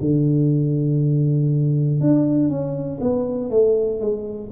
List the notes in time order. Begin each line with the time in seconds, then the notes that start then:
0.00 D3
2.00 D4
2.49 C#4
3.00 B3
3.50 A3
4.00 G#3